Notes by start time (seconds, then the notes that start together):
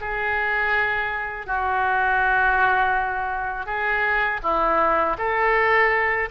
0.00 G#4
1.46 F#4
3.66 G#4
4.42 E4
5.18 A4